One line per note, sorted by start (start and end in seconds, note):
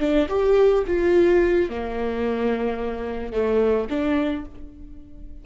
0.00 0.28 D4
0.29 0.84 G4
0.87 1.70 F4
1.70 3.33 A#3
3.33 3.88 A3
3.90 4.45 D4